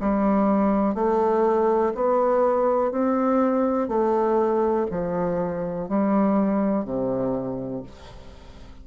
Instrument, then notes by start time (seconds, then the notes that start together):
bassoon
0.00 G3
0.94 A3
1.94 B3
2.91 C4
3.88 A3
4.90 F3
5.88 G3
6.85 C3